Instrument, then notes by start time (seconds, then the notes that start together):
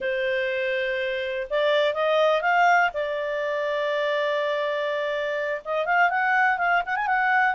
clarinet
0.00 C5
1.50 D5
1.94 D#5
2.41 F5
2.93 D5
5.64 D#5
5.85 F5
6.10 F#5
6.57 F5
6.85 F#5
6.96 G#5
7.06 F#5